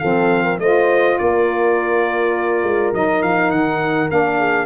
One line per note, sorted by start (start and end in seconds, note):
0.00 0.59 F3
0.00 0.60 C4
0.00 0.44 A4
0.00 0.58 F5
0.44 0.59 A#4
0.59 1.17 A3
0.59 2.93 F4
0.59 1.21 C5
0.59 1.18 D#5
1.19 2.64 A#3
1.19 4.38 A#4
1.19 2.93 D5
2.64 2.93 G#3
2.93 3.23 F#3
2.93 4.10 D#4
2.93 3.23 D#5
3.23 3.51 F3
3.23 3.51 F5
3.51 4.09 D#3
3.51 4.09 F#5
4.10 4.66 A#3
4.10 4.66 D4
4.10 4.66 F5
4.38 4.66 G#4